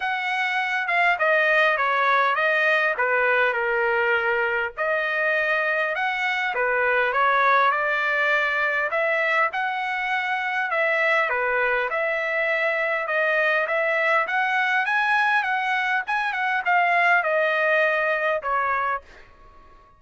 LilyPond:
\new Staff \with { instrumentName = "trumpet" } { \time 4/4 \tempo 4 = 101 fis''4. f''8 dis''4 cis''4 | dis''4 b'4 ais'2 | dis''2 fis''4 b'4 | cis''4 d''2 e''4 |
fis''2 e''4 b'4 | e''2 dis''4 e''4 | fis''4 gis''4 fis''4 gis''8 fis''8 | f''4 dis''2 cis''4 | }